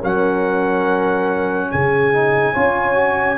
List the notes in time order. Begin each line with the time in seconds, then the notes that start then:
0.00 F#3 C#4 A#4 F#5
1.71 C#3 G#4 G#5
2.13 D#4
2.53 C#4 F4 C#5
2.95 F#4